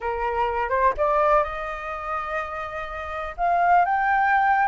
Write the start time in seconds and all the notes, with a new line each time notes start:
0.00 A#4
0.69 C5
0.97 D5
1.43 D#5
3.37 F5
3.85 G5